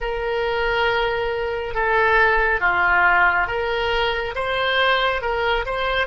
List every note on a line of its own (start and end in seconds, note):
0.00 1.74 A#4
1.74 2.60 A4
2.60 3.47 F4
3.47 4.34 A#4
4.35 5.21 C5
5.21 5.65 A#4
5.65 6.06 C5